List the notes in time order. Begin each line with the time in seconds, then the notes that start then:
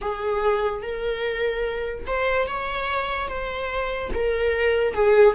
0.01 G#4
0.82 A#4
2.06 C5
2.47 C#5
3.28 C5
4.13 A#4
4.94 G#4